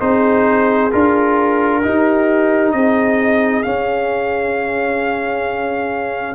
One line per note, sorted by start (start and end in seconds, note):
0.00 0.91 C4
0.00 0.91 D#4
0.00 1.82 G#4
0.00 0.91 C5
0.91 1.84 D4
0.91 1.82 F4
0.91 2.72 A#4
1.83 3.63 D#4
1.83 2.74 D#4
1.83 2.75 G4
2.72 3.65 C4
2.72 6.35 G#4
2.72 3.63 D#5
3.63 6.35 C#4
3.63 6.35 F5